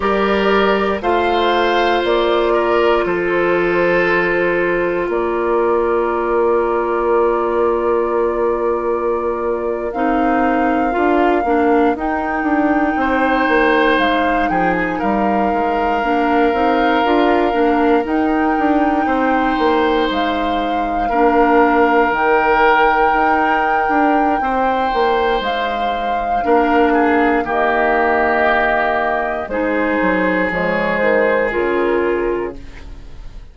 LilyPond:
<<
  \new Staff \with { instrumentName = "flute" } { \time 4/4 \tempo 4 = 59 d''4 f''4 d''4 c''4~ | c''4 d''2.~ | d''4.~ d''16 f''2 g''16~ | g''4.~ g''16 f''8 g''16 gis''16 f''4~ f''16~ |
f''4.~ f''16 g''2 f''16~ | f''4.~ f''16 g''2~ g''16~ | g''4 f''2 dis''4~ | dis''4 c''4 cis''8 c''8 ais'4 | }
  \new Staff \with { instrumentName = "oboe" } { \time 4/4 ais'4 c''4. ais'8 a'4~ | a'4 ais'2.~ | ais'1~ | ais'8. c''4. gis'8 ais'4~ ais'16~ |
ais'2~ ais'8. c''4~ c''16~ | c''8. ais'2.~ ais'16 | c''2 ais'8 gis'8 g'4~ | g'4 gis'2. | }
  \new Staff \with { instrumentName = "clarinet" } { \time 4/4 g'4 f'2.~ | f'1~ | f'4.~ f'16 dis'4 f'8 d'8 dis'16~ | dis'2.~ dis'8. d'16~ |
d'16 dis'8 f'8 d'8 dis'2~ dis'16~ | dis'8. d'4 dis'2~ dis'16~ | dis'2 d'4 ais4~ | ais4 dis'4 gis4 f'4 | }
  \new Staff \with { instrumentName = "bassoon" } { \time 4/4 g4 a4 ais4 f4~ | f4 ais2.~ | ais4.~ ais16 c'4 d'8 ais8 dis'16~ | dis'16 d'8 c'8 ais8 gis8 f8 g8 gis8 ais16~ |
ais16 c'8 d'8 ais8 dis'8 d'8 c'8 ais8 gis16~ | gis8. ais4 dis4 dis'8. d'8 | c'8 ais8 gis4 ais4 dis4~ | dis4 gis8 fis8 f8 dis8 cis4 | }
>>